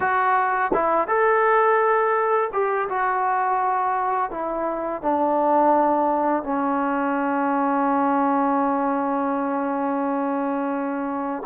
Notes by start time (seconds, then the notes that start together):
0.00 F#4
0.73 E4
1.07 A4
2.52 G4
2.89 F#4
4.30 E4
5.02 D4
6.43 C#4